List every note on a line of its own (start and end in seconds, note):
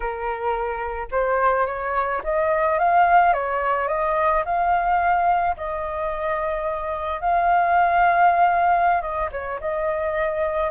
0.00 1.08 A#4
1.11 1.66 C5
1.66 2.21 C#5
2.23 2.78 D#5
2.78 3.33 F5
3.33 3.88 C#5
3.88 4.43 D#5
4.45 5.56 F5
5.56 7.20 D#5
7.20 9.01 F5
9.02 9.29 D#5
9.31 9.59 C#5
9.60 10.70 D#5